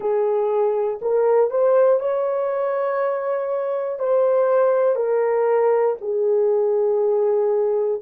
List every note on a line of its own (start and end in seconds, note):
0.00 1.00 G#4
1.01 1.50 A#4
1.50 2.00 C5
2.00 3.99 C#5
3.99 4.95 C5
4.95 5.95 A#4
6.01 8.01 G#4